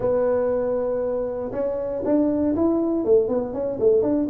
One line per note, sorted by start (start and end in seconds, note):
0.00 1.51 B3
1.52 2.02 C#4
2.04 2.55 D4
2.55 3.04 E4
3.04 3.28 A3
3.28 3.53 B3
3.53 3.79 C#4
3.79 4.02 A3
4.02 4.27 D4